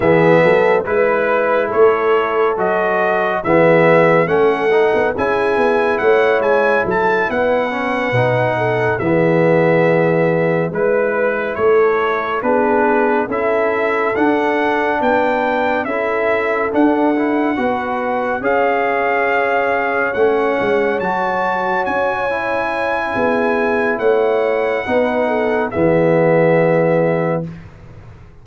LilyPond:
<<
  \new Staff \with { instrumentName = "trumpet" } { \time 4/4 \tempo 4 = 70 e''4 b'4 cis''4 dis''4 | e''4 fis''4 gis''4 fis''8 gis''8 | a''8 fis''2 e''4.~ | e''8 b'4 cis''4 b'4 e''8~ |
e''8 fis''4 g''4 e''4 fis''8~ | fis''4. f''2 fis''8~ | fis''8 a''4 gis''2~ gis''8 | fis''2 e''2 | }
  \new Staff \with { instrumentName = "horn" } { \time 4/4 gis'8 a'8 b'4 a'2 | gis'4 a'4 gis'4 cis''4 | a'8 b'4. a'8 gis'4.~ | gis'8 b'4 a'4 gis'4 a'8~ |
a'4. b'4 a'4.~ | a'8 b'4 cis''2~ cis''8~ | cis''2. gis'4 | cis''4 b'8 a'8 gis'2 | }
  \new Staff \with { instrumentName = "trombone" } { \time 4/4 b4 e'2 fis'4 | b4 cis'8 dis'8 e'2~ | e'4 cis'8 dis'4 b4.~ | b8 e'2 d'4 e'8~ |
e'8 d'2 e'4 d'8 | e'8 fis'4 gis'2 cis'8~ | cis'8 fis'4. e'2~ | e'4 dis'4 b2 | }
  \new Staff \with { instrumentName = "tuba" } { \time 4/4 e8 fis8 gis4 a4 fis4 | e4 a8. b16 cis'8 b8 a8 gis8 | fis8 b4 b,4 e4.~ | e8 gis4 a4 b4 cis'8~ |
cis'8 d'4 b4 cis'4 d'8~ | d'8 b4 cis'2 a8 | gis8 fis4 cis'4. b4 | a4 b4 e2 | }
>>